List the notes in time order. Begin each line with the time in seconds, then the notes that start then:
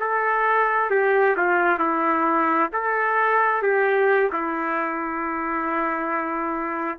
0.00 A4
0.90 G4
1.37 F4
1.79 E4
2.73 A4
3.63 G4
4.33 E4